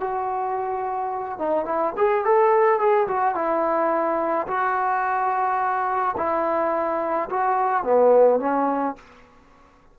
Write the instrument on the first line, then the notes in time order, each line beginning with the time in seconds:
trombone
0.00 F#4
1.39 D#4
1.65 E4
1.97 G#4
2.25 A4
2.79 G#4
3.08 F#4
3.35 E4
4.47 F#4
6.17 E4
7.30 F#4
7.84 B3
8.40 C#4